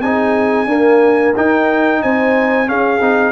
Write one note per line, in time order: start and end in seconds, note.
0.00 0.67 C4
0.00 0.68 D#4
0.00 0.68 G#4
0.00 1.35 G#5
0.67 1.35 A#3
0.67 1.33 D4
0.67 2.01 A#4
1.36 2.67 D#4
1.36 2.03 D#4
1.36 2.03 G5
2.03 2.71 C4
2.03 2.69 C5
2.03 2.69 G#5
2.67 3.00 C#4
2.67 3.01 C#4
2.67 3.32 G#4
2.67 3.32 F5
3.01 3.32 C4
3.01 3.32 D#4